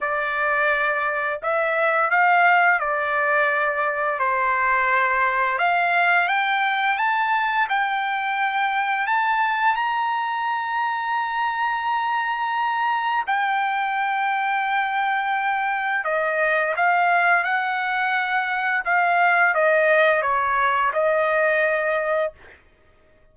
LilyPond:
\new Staff \with { instrumentName = "trumpet" } { \time 4/4 \tempo 4 = 86 d''2 e''4 f''4 | d''2 c''2 | f''4 g''4 a''4 g''4~ | g''4 a''4 ais''2~ |
ais''2. g''4~ | g''2. dis''4 | f''4 fis''2 f''4 | dis''4 cis''4 dis''2 | }